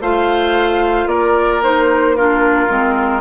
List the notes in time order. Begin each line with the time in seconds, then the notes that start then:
0.00 A3 F4 C5 F5
1.06 A#3 A#4 D5
1.62 D#4 C5
2.16 D4 F4 A#4
2.68 G#3 C4